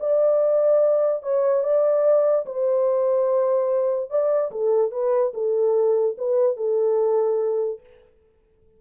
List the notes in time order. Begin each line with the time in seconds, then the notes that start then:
0.00 D5
1.23 C#5
1.64 D5
2.46 C5
4.10 D5
4.52 A4
4.92 B4
5.34 A4
6.18 B4
6.57 A4